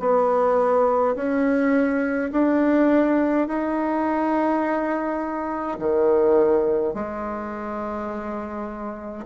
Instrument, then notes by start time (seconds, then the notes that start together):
bassoon
0.00 B3
1.16 C#4
2.32 D4
3.48 D#4
5.80 D#3
6.94 G#3